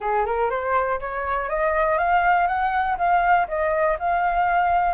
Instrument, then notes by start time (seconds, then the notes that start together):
flute
0.00 G#4
0.25 A#4
0.50 C5
1.00 C#5
1.49 D#5
1.98 F5
2.47 F#5
2.97 F5
3.47 D#5
3.99 F5